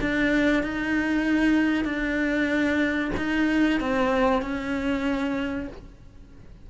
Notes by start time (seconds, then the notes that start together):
0.00 D4
0.63 D#4
1.84 D4
3.17 D#4
3.80 C4
4.42 C#4